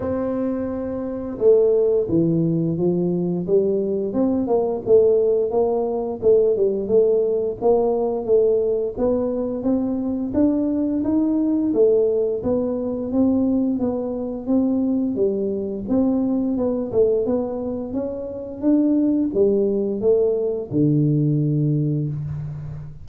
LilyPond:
\new Staff \with { instrumentName = "tuba" } { \time 4/4 \tempo 4 = 87 c'2 a4 e4 | f4 g4 c'8 ais8 a4 | ais4 a8 g8 a4 ais4 | a4 b4 c'4 d'4 |
dis'4 a4 b4 c'4 | b4 c'4 g4 c'4 | b8 a8 b4 cis'4 d'4 | g4 a4 d2 | }